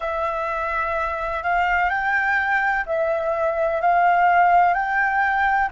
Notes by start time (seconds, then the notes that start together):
0.00 E5
1.43 F5
1.89 G5
2.86 E5
3.81 F5
4.74 G5